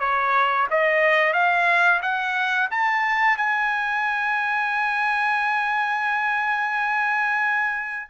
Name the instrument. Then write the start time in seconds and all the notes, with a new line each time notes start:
trumpet
0.00 C#5
0.71 D#5
1.34 F5
2.02 F#5
2.71 A5
3.38 G#5